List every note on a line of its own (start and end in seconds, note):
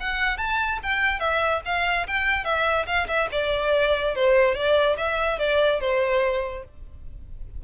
0.00 0.37 F#5
0.37 0.79 A5
0.83 1.20 G5
1.20 1.61 E5
1.65 2.07 F5
2.07 2.44 G5
2.44 2.86 E5
2.87 3.07 F5
3.08 3.28 E5
3.32 4.15 D5
4.15 4.55 C5
4.55 4.96 D5
4.97 5.39 E5
5.39 5.80 D5
5.80 6.64 C5